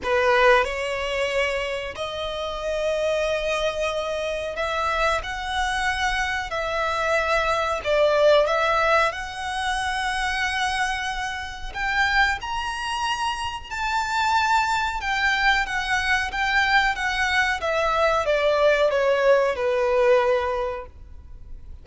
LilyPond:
\new Staff \with { instrumentName = "violin" } { \time 4/4 \tempo 4 = 92 b'4 cis''2 dis''4~ | dis''2. e''4 | fis''2 e''2 | d''4 e''4 fis''2~ |
fis''2 g''4 ais''4~ | ais''4 a''2 g''4 | fis''4 g''4 fis''4 e''4 | d''4 cis''4 b'2 | }